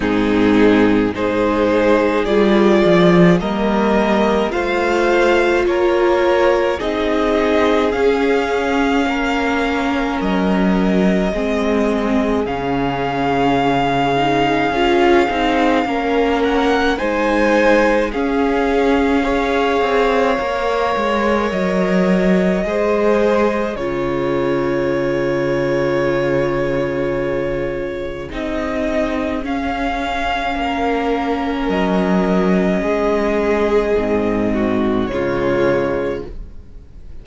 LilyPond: <<
  \new Staff \with { instrumentName = "violin" } { \time 4/4 \tempo 4 = 53 gis'4 c''4 d''4 dis''4 | f''4 cis''4 dis''4 f''4~ | f''4 dis''2 f''4~ | f''2~ f''8 fis''8 gis''4 |
f''2. dis''4~ | dis''4 cis''2.~ | cis''4 dis''4 f''2 | dis''2. cis''4 | }
  \new Staff \with { instrumentName = "violin" } { \time 4/4 dis'4 gis'2 ais'4 | c''4 ais'4 gis'2 | ais'2 gis'2~ | gis'2 ais'4 c''4 |
gis'4 cis''2. | c''4 gis'2.~ | gis'2. ais'4~ | ais'4 gis'4. fis'8 f'4 | }
  \new Staff \with { instrumentName = "viola" } { \time 4/4 c'4 dis'4 f'4 ais4 | f'2 dis'4 cis'4~ | cis'2 c'4 cis'4~ | cis'8 dis'8 f'8 dis'8 cis'4 dis'4 |
cis'4 gis'4 ais'2 | gis'4 f'2.~ | f'4 dis'4 cis'2~ | cis'2 c'4 gis4 | }
  \new Staff \with { instrumentName = "cello" } { \time 4/4 gis,4 gis4 g8 f8 g4 | a4 ais4 c'4 cis'4 | ais4 fis4 gis4 cis4~ | cis4 cis'8 c'8 ais4 gis4 |
cis'4. c'8 ais8 gis8 fis4 | gis4 cis2.~ | cis4 c'4 cis'4 ais4 | fis4 gis4 gis,4 cis4 | }
>>